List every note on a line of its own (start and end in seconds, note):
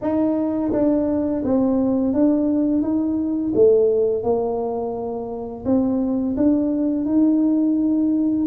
0.01 0.72 D#4
0.72 1.43 D4
1.44 2.13 C4
2.13 2.82 D4
2.82 3.52 D#4
3.54 4.23 A3
4.23 5.64 A#3
5.65 6.36 C4
6.37 7.05 D4
7.05 8.46 D#4